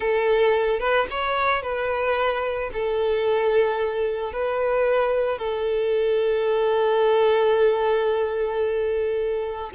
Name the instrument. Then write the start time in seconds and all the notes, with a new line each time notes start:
violin
0.00 A4
0.79 B4
1.10 C#5
1.62 B4
2.73 A4
4.32 B4
5.38 A4